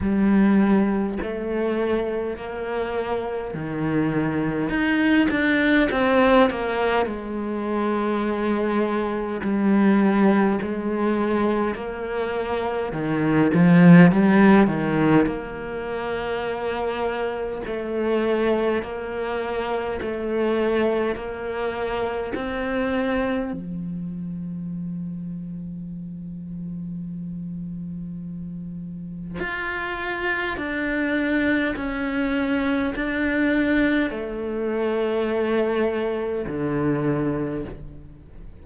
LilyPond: \new Staff \with { instrumentName = "cello" } { \time 4/4 \tempo 4 = 51 g4 a4 ais4 dis4 | dis'8 d'8 c'8 ais8 gis2 | g4 gis4 ais4 dis8 f8 | g8 dis8 ais2 a4 |
ais4 a4 ais4 c'4 | f1~ | f4 f'4 d'4 cis'4 | d'4 a2 d4 | }